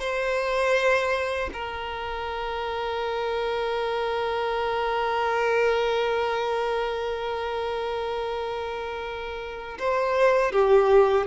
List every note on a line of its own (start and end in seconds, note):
0.00 1.50 C5
1.53 9.78 A#4
9.79 10.52 C5
10.52 11.27 G4